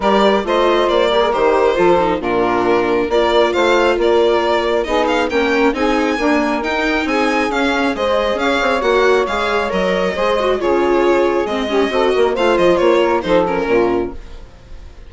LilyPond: <<
  \new Staff \with { instrumentName = "violin" } { \time 4/4 \tempo 4 = 136 d''4 dis''4 d''4 c''4~ | c''4 ais'2 d''4 | f''4 d''2 dis''8 f''8 | g''4 gis''2 g''4 |
gis''4 f''4 dis''4 f''4 | fis''4 f''4 dis''2 | cis''2 dis''2 | f''8 dis''8 cis''4 c''8 ais'4. | }
  \new Staff \with { instrumentName = "saxophone" } { \time 4/4 ais'4 c''4. ais'4. | a'4 f'2 ais'4 | c''4 ais'2 gis'4 | ais'4 gis'4 ais'2 |
gis'2 c''4 cis''4~ | cis''2. c''4 | gis'2~ gis'8 g'8 a'8 ais'8 | c''4. ais'8 a'4 f'4 | }
  \new Staff \with { instrumentName = "viola" } { \time 4/4 g'4 f'4. g'16 gis'16 g'4 | f'8 dis'8 d'2 f'4~ | f'2. dis'4 | cis'4 dis'4 ais4 dis'4~ |
dis'4 cis'4 gis'2 | fis'4 gis'4 ais'4 gis'8 fis'8 | f'2 c'8 cis'8 fis'4 | f'2 dis'8 cis'4. | }
  \new Staff \with { instrumentName = "bassoon" } { \time 4/4 g4 a4 ais4 dis4 | f4 ais,2 ais4 | a4 ais2 b4 | ais4 c'4 d'4 dis'4 |
c'4 cis'4 gis4 cis'8 c'8 | ais4 gis4 fis4 gis4 | cis2 gis4 c'8 ais8 | a8 f8 ais4 f4 ais,4 | }
>>